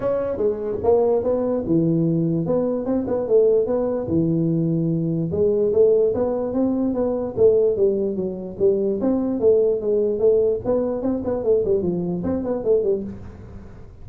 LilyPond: \new Staff \with { instrumentName = "tuba" } { \time 4/4 \tempo 4 = 147 cis'4 gis4 ais4 b4 | e2 b4 c'8 b8 | a4 b4 e2~ | e4 gis4 a4 b4 |
c'4 b4 a4 g4 | fis4 g4 c'4 a4 | gis4 a4 b4 c'8 b8 | a8 g8 f4 c'8 b8 a8 g8 | }